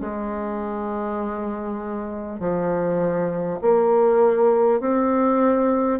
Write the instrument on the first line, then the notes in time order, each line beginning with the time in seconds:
bassoon
0.00 G#3
2.39 F3
3.61 A#3
4.80 C4